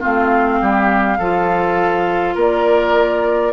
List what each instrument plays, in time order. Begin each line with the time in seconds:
0.00 bassoon A3, clarinet C4, oboe F4, flute F5
0.62 bassoon G3, oboe G4
1.18 bassoon F3, clarinet F4, oboe A4
2.35 bassoon A#3, oboe A#4, flute D5